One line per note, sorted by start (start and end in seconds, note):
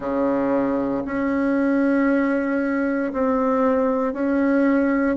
0.00 1.03 C#3
1.05 3.12 C#4
3.13 4.13 C4
4.13 5.16 C#4